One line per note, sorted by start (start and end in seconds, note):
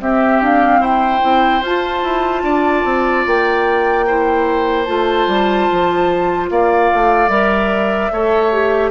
0.00 0.41 C4
0.00 1.20 C4
0.00 0.80 G4
0.00 0.42 E5
0.41 0.80 D4
0.41 0.82 F5
0.80 1.20 E4
0.80 2.42 C5
0.80 1.63 G5
1.20 1.62 C4
1.20 1.60 E4
1.62 2.02 F4
1.62 4.07 F4
1.62 3.27 A5
2.03 2.42 E4
2.42 2.83 D4
2.42 4.05 D5
2.84 3.25 C4
3.26 4.88 A#3
3.26 4.84 G5
4.06 4.86 E4
4.06 6.49 C5
4.84 5.27 A3
4.84 7.28 F4
4.84 6.46 A5
5.27 5.67 G3
5.72 6.50 F3
6.50 6.90 A#3
6.50 8.12 D5
6.50 7.28 F5
6.94 7.28 A3
7.28 8.09 G3
7.28 8.09 A#4
7.28 8.90 E5
8.11 8.90 A3
8.11 8.52 A4
8.11 8.90 C#5
8.52 8.90 G4